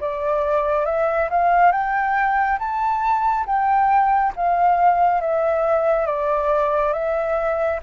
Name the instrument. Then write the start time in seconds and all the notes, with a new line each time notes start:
flute
0.00 D5
0.85 E5
1.30 F5
1.72 G5
2.59 A5
3.46 G5
4.36 F5
5.21 E5
6.06 D5
6.93 E5